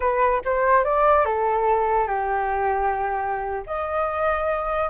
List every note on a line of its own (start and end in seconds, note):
0.00 0.42 B4
0.45 0.84 C5
0.84 1.25 D5
1.25 2.07 A4
2.07 3.63 G4
3.66 4.90 D#5